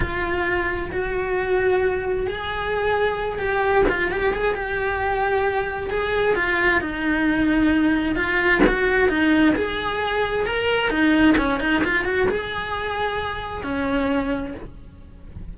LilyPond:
\new Staff \with { instrumentName = "cello" } { \time 4/4 \tempo 4 = 132 f'2 fis'2~ | fis'4 gis'2~ gis'8 g'8~ | g'8 f'8 g'8 gis'8 g'2~ | g'4 gis'4 f'4 dis'4~ |
dis'2 f'4 fis'4 | dis'4 gis'2 ais'4 | dis'4 cis'8 dis'8 f'8 fis'8 gis'4~ | gis'2 cis'2 | }